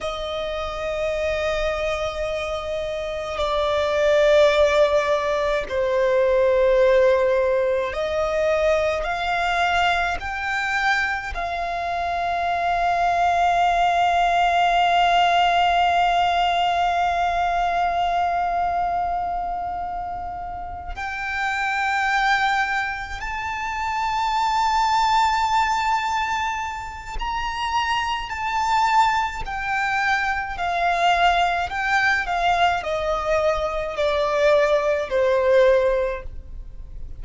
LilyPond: \new Staff \with { instrumentName = "violin" } { \time 4/4 \tempo 4 = 53 dis''2. d''4~ | d''4 c''2 dis''4 | f''4 g''4 f''2~ | f''1~ |
f''2~ f''8 g''4.~ | g''8 a''2.~ a''8 | ais''4 a''4 g''4 f''4 | g''8 f''8 dis''4 d''4 c''4 | }